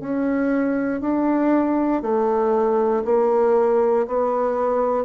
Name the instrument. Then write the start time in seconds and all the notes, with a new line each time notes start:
bassoon
0.00 C#4
1.01 D4
2.02 A3
3.05 A#3
4.07 B3